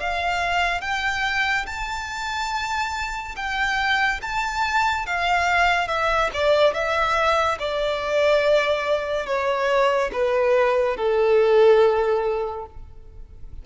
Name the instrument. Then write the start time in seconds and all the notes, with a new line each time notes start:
violin
0.00 F5
0.81 G5
1.66 A5
3.36 G5
4.22 A5
5.06 F5
5.88 E5
6.34 D5
6.74 E5
7.59 D5
9.26 C#5
10.13 B4
10.97 A4